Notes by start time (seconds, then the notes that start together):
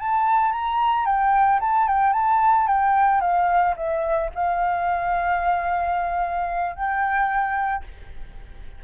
0.00 A5
0.52 A#5
1.06 G5
1.61 A5
1.88 G5
2.14 A5
2.68 G5
3.21 F5
3.77 E5
4.35 F5
6.76 G5